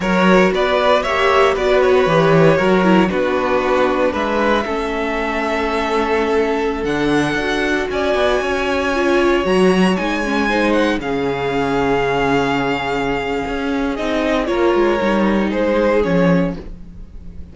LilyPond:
<<
  \new Staff \with { instrumentName = "violin" } { \time 4/4 \tempo 4 = 116 cis''4 d''4 e''4 d''8 cis''8~ | cis''2 b'2 | e''1~ | e''4~ e''16 fis''2 gis''8.~ |
gis''2~ gis''16 ais''4 gis''8.~ | gis''8. fis''8 f''2~ f''8.~ | f''2. dis''4 | cis''2 c''4 cis''4 | }
  \new Staff \with { instrumentName = "violin" } { \time 4/4 ais'4 b'4 cis''4 b'4~ | b'4 ais'4 fis'2 | b'4 a'2.~ | a'2.~ a'16 d''8.~ |
d''16 cis''2.~ cis''8.~ | cis''16 c''4 gis'2~ gis'8.~ | gis'1 | ais'2 gis'2 | }
  \new Staff \with { instrumentName = "viola" } { \time 4/4 fis'2 g'4 fis'4 | g'4 fis'8 e'8 d'2~ | d'4 cis'2.~ | cis'4~ cis'16 d'4 fis'4.~ fis'16~ |
fis'4~ fis'16 f'4 fis'4 dis'8 cis'16~ | cis'16 dis'4 cis'2~ cis'8.~ | cis'2. dis'4 | f'4 dis'2 cis'4 | }
  \new Staff \with { instrumentName = "cello" } { \time 4/4 fis4 b4 ais4 b4 | e4 fis4 b2 | gis4 a2.~ | a4~ a16 d4 d'4 cis'8 b16~ |
b16 cis'2 fis4 gis8.~ | gis4~ gis16 cis2~ cis8.~ | cis2 cis'4 c'4 | ais8 gis8 g4 gis4 f4 | }
>>